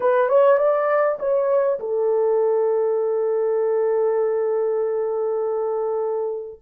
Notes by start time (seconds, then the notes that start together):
0.00 B4
0.28 C#5
0.58 D5
1.19 C#5
1.79 A4